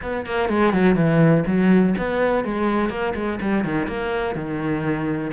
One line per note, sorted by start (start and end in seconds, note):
0.02 0.26 B3
0.26 0.49 A#3
0.49 0.73 G#3
0.73 0.95 F#3
0.95 1.43 E3
1.46 1.94 F#3
1.98 2.44 B3
2.44 2.89 G#3
2.89 3.13 A#3
3.15 3.39 G#3
3.41 3.64 G3
3.64 3.87 D#3
3.87 4.35 A#3
4.35 5.32 D#3